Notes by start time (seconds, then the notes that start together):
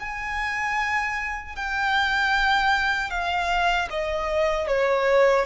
0.00 G#5
1.56 G5
3.10 F5
3.90 D#5
4.68 C#5